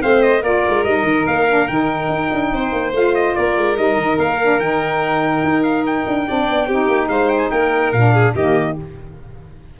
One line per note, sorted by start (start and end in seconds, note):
0.00 0.42 A3
0.00 0.42 C4
0.00 0.42 C5
0.00 0.22 F5
0.22 0.43 D#5
0.42 0.63 A#3
0.42 0.85 F4
0.42 2.50 A#4
0.42 0.84 D5
0.68 0.84 G#3
0.84 1.03 G3
0.84 1.48 D#4
0.84 1.25 D#5
1.03 1.24 D#3
1.27 1.68 A#3
1.27 1.68 F5
1.48 1.69 D4
1.68 2.09 D#3
1.68 2.94 D#4
1.68 2.93 G5
2.09 2.29 D#4
2.32 2.52 D4
2.52 2.72 C4
2.52 3.37 C5
2.72 2.92 A#3
2.92 3.34 A3
2.92 3.75 F4
2.92 3.15 F5
3.15 3.35 D#5
3.35 3.56 A#3
3.35 6.27 A#4
3.35 3.77 D5
3.56 3.77 G#3
3.75 3.96 G3
3.75 4.38 D#4
3.75 4.18 D#5
3.96 4.17 D#3
4.18 4.59 A#3
4.18 4.60 F5
4.42 4.61 D4
4.59 5.43 D#3
4.59 6.26 D#4
4.59 5.63 G5
5.43 6.06 D#4
5.63 5.84 F5
5.86 7.09 G5
6.07 6.28 D4
6.26 6.49 C4
6.26 6.68 D4
6.26 6.67 D5
6.49 6.68 B3
6.67 6.88 C4
6.67 7.95 D#4
6.67 7.09 G4
6.88 7.08 A#3
7.08 7.50 G#3
7.08 7.51 C5
7.08 7.29 F5
7.29 7.38 G5
7.38 7.49 G#5
7.50 7.93 A#3
7.50 8.13 A#4
7.50 7.92 G5
7.92 8.34 A#2
7.92 8.37 D4
7.92 8.34 F5
8.13 8.34 G#4
8.34 8.76 D#3
8.34 8.79 A#3
8.34 8.76 G4
8.34 8.77 D#5